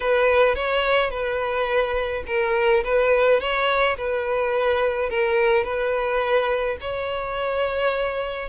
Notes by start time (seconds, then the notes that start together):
0.00 B4
0.55 C#5
1.10 B4
2.26 A#4
2.84 B4
3.40 C#5
3.97 B4
5.09 A#4
5.64 B4
6.81 C#5